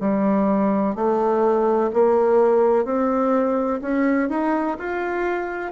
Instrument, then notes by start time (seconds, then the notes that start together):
bassoon
0.00 G3
0.95 A3
1.93 A#3
2.84 C4
3.81 C#4
4.29 D#4
4.79 F4